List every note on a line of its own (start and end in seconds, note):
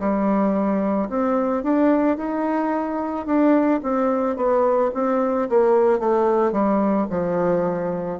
0.00 1.09 G3
1.10 1.64 C4
1.64 2.17 D4
2.17 3.26 D#4
3.26 3.81 D4
3.83 4.36 C4
4.36 4.91 B3
4.94 5.49 C4
5.49 6.00 A#3
6.00 6.53 A3
6.53 7.07 G3
7.10 8.19 F3